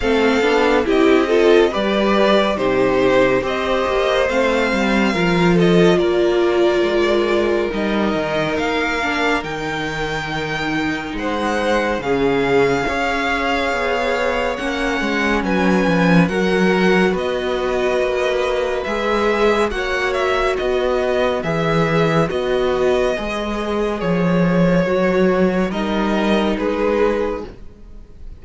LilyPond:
<<
  \new Staff \with { instrumentName = "violin" } { \time 4/4 \tempo 4 = 70 f''4 dis''4 d''4 c''4 | dis''4 f''4. dis''8 d''4~ | d''4 dis''4 f''4 g''4~ | g''4 fis''4 f''2~ |
f''4 fis''4 gis''4 fis''4 | dis''2 e''4 fis''8 e''8 | dis''4 e''4 dis''2 | cis''2 dis''4 b'4 | }
  \new Staff \with { instrumentName = "violin" } { \time 4/4 a'4 g'8 a'8 b'4 g'4 | c''2 ais'8 a'8 ais'4~ | ais'1~ | ais'4 c''4 gis'4 cis''4~ |
cis''2 b'4 ais'4 | b'2. cis''4 | b'1~ | b'2 ais'4 gis'4 | }
  \new Staff \with { instrumentName = "viola" } { \time 4/4 c'8 d'8 e'8 f'8 g'4 dis'4 | g'4 c'4 f'2~ | f'4 dis'4. d'8 dis'4~ | dis'2 cis'4 gis'4~ |
gis'4 cis'2 fis'4~ | fis'2 gis'4 fis'4~ | fis'4 gis'4 fis'4 gis'4~ | gis'4 fis'4 dis'2 | }
  \new Staff \with { instrumentName = "cello" } { \time 4/4 a8 b8 c'4 g4 c4 | c'8 ais8 a8 g8 f4 ais4 | gis4 g8 dis8 ais4 dis4~ | dis4 gis4 cis4 cis'4 |
b4 ais8 gis8 fis8 f8 fis4 | b4 ais4 gis4 ais4 | b4 e4 b4 gis4 | f4 fis4 g4 gis4 | }
>>